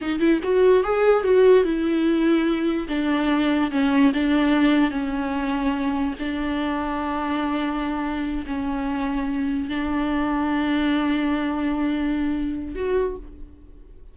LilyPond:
\new Staff \with { instrumentName = "viola" } { \time 4/4 \tempo 4 = 146 dis'8 e'8 fis'4 gis'4 fis'4 | e'2. d'4~ | d'4 cis'4 d'2 | cis'2. d'4~ |
d'1~ | d'8 cis'2. d'8~ | d'1~ | d'2. fis'4 | }